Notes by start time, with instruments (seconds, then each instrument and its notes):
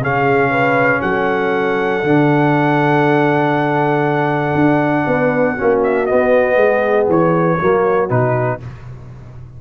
0.00 tuba C#3, trombone C#4, horn G#4, trumpet F5
0.50 horn B4
1.01 tuba F#3, horn A4, trumpet F#5
2.03 tuba D3, trombone D4
4.55 tuba D4
5.07 tuba B3, horn B4
5.55 trombone C#4, horn F#4
5.61 tuba A#3
5.83 trumpet E5
6.06 trombone B3, tuba B3, trumpet D#5
6.55 tuba G#3, horn G#4
7.09 tuba E3, trumpet C#5
7.57 tuba F#3, trombone A#3, horn F#4
8.09 tuba B2, trombone D#4, trumpet B4